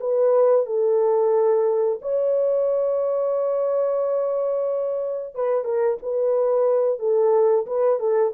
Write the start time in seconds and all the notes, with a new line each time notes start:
0.00 B4
0.66 A4
2.02 C#5
5.35 B4
5.64 A#4
6.02 B4
6.99 A4
7.66 B4
7.99 A4